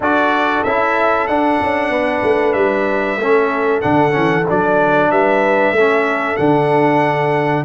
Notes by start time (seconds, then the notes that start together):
0.00 D4 F#4 A4 D5
0.63 C#4 E4 E5
1.27 D4 F#5
1.61 C#4
1.89 B3 B4
2.22 A3
2.52 G3 E5
3.17 A3 C#4 A4
3.81 D3 D4 F#5
4.11 E3 C#4
4.48 F#3 D4 D5
5.10 G3 B4 E5
5.71 A3 A4
5.78 C#4
6.36 D3 D4 F#5